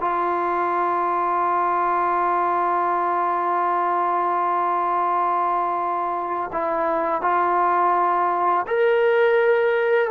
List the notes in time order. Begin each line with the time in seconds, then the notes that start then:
0.00 F4
6.52 E4
7.21 F4
8.67 A#4